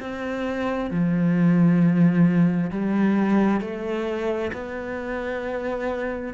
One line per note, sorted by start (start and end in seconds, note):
0.00 0.91 C4
0.91 2.71 F3
2.71 3.61 G3
3.61 4.52 A3
4.53 6.34 B3